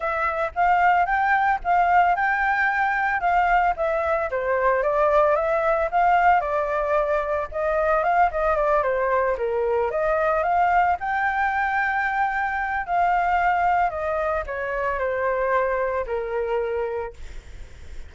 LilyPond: \new Staff \with { instrumentName = "flute" } { \time 4/4 \tempo 4 = 112 e''4 f''4 g''4 f''4 | g''2 f''4 e''4 | c''4 d''4 e''4 f''4 | d''2 dis''4 f''8 dis''8 |
d''8 c''4 ais'4 dis''4 f''8~ | f''8 g''2.~ g''8 | f''2 dis''4 cis''4 | c''2 ais'2 | }